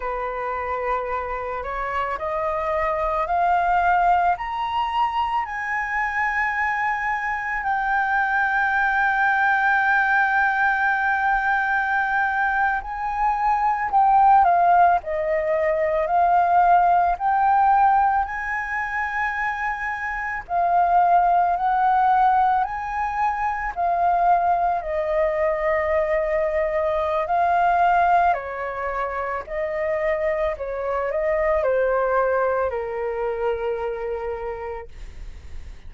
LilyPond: \new Staff \with { instrumentName = "flute" } { \time 4/4 \tempo 4 = 55 b'4. cis''8 dis''4 f''4 | ais''4 gis''2 g''4~ | g''2.~ g''8. gis''16~ | gis''8. g''8 f''8 dis''4 f''4 g''16~ |
g''8. gis''2 f''4 fis''16~ | fis''8. gis''4 f''4 dis''4~ dis''16~ | dis''4 f''4 cis''4 dis''4 | cis''8 dis''8 c''4 ais'2 | }